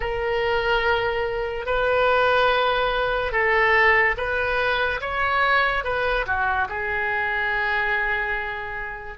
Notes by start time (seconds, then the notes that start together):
0.00 A#4
1.66 B4
3.31 A4
4.17 B4
5.00 C#5
5.84 B4
6.26 F#4
6.68 G#4